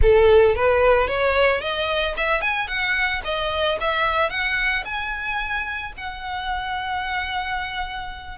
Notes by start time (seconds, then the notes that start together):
0.02 A4
0.55 B4
1.07 C#5
1.60 D#5
2.16 E5
2.41 G#5
2.67 F#5
3.24 D#5
3.80 E5
4.30 F#5
4.84 G#5
5.97 F#5